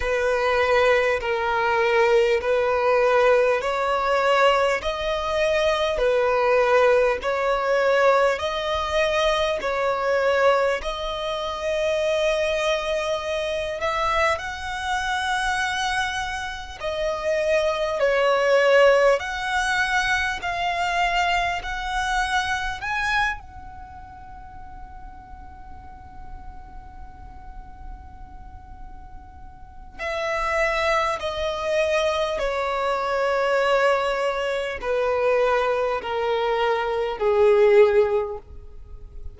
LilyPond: \new Staff \with { instrumentName = "violin" } { \time 4/4 \tempo 4 = 50 b'4 ais'4 b'4 cis''4 | dis''4 b'4 cis''4 dis''4 | cis''4 dis''2~ dis''8 e''8 | fis''2 dis''4 cis''4 |
fis''4 f''4 fis''4 gis''8 fis''8~ | fis''1~ | fis''4 e''4 dis''4 cis''4~ | cis''4 b'4 ais'4 gis'4 | }